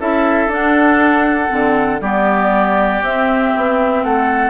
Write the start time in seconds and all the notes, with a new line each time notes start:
0.00 C#4 E4 A4 E5
0.47 D4
0.54 F#5
1.49 D3 C4
2.01 G3 B3 G4 D5
3.01 C4 E5
3.56 B3
4.04 A3 A4 F#5